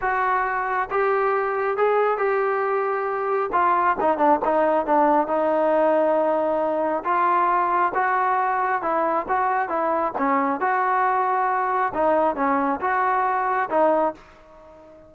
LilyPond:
\new Staff \with { instrumentName = "trombone" } { \time 4/4 \tempo 4 = 136 fis'2 g'2 | gis'4 g'2. | f'4 dis'8 d'8 dis'4 d'4 | dis'1 |
f'2 fis'2 | e'4 fis'4 e'4 cis'4 | fis'2. dis'4 | cis'4 fis'2 dis'4 | }